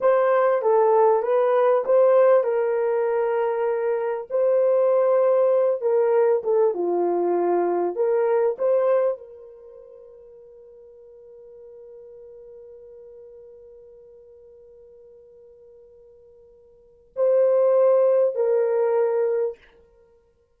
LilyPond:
\new Staff \with { instrumentName = "horn" } { \time 4/4 \tempo 4 = 98 c''4 a'4 b'4 c''4 | ais'2. c''4~ | c''4. ais'4 a'8 f'4~ | f'4 ais'4 c''4 ais'4~ |
ais'1~ | ais'1~ | ais'1 | c''2 ais'2 | }